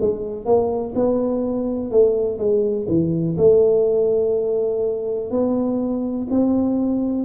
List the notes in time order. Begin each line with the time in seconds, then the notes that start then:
0.00 G#3
0.45 A#3
0.95 B3
1.91 A3
2.38 G#3
2.88 E3
3.37 A3
5.30 B3
6.30 C4